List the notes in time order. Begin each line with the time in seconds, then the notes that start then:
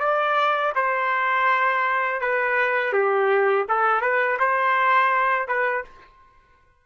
0.00 D5
0.76 C5
2.22 B4
2.93 G4
3.69 A4
4.02 B4
4.40 C5
5.48 B4